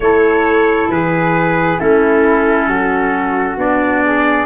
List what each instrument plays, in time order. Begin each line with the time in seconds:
0.00 tuba A3, clarinet E4, flute A4, trumpet C#5
0.88 tuba E3, flute G#4, trumpet B4
1.78 tuba A3, clarinet C#4, flute E4, trumpet A4
2.67 tuba F#3, flute F#4
3.57 tuba B3, clarinet D4, trumpet D5
4.05 flute G#4